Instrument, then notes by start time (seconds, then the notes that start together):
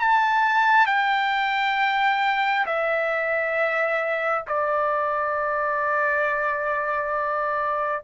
trumpet
0.00 A5
0.87 G5
2.67 E5
4.48 D5